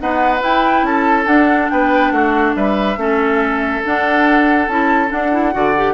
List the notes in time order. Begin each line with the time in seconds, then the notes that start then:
0.00 B3 D#4 B4 F#5
0.41 E4 G5
0.83 C#4 A4 A5
1.25 D4 F#5
1.69 B3 B4 G5
2.11 A3 F#4 F#5
2.55 G3 B4 E5
2.96 A3 C#4 A4
3.83 D4 F#5
4.68 C#4 E4 A5
5.08 D4 F#5
5.31 E4
5.52 D3 F#4 D5
5.76 G4